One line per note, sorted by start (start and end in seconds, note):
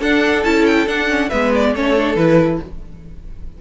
0.00 0.44 D4
0.00 1.29 A4
0.00 0.44 F#5
0.44 0.87 C#4
0.44 0.87 E4
0.44 0.65 A5
0.66 0.87 G5
0.87 1.08 D4
0.87 1.30 D4
0.87 1.30 F#5
1.09 1.31 C#4
1.29 1.75 G#3
1.29 1.75 B3
1.29 1.72 B4
1.29 1.51 E5
1.55 1.76 D5
1.74 2.16 A3
1.74 1.96 C#4
1.74 2.61 A4
1.74 2.16 C#5
1.96 2.17 D4
2.16 2.59 E3
2.16 2.61 E4
2.16 2.59 B4